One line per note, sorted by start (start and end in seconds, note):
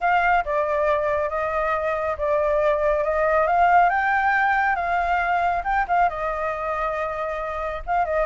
0.00 0.44 F5
0.45 1.29 D5
1.29 2.16 D#5
2.17 3.04 D5
3.04 3.46 D#5
3.46 3.89 F5
3.89 4.75 G5
4.75 5.62 F5
5.64 5.86 G5
5.88 6.09 F5
6.09 7.83 D#5
7.86 8.05 F5
8.05 8.26 D#5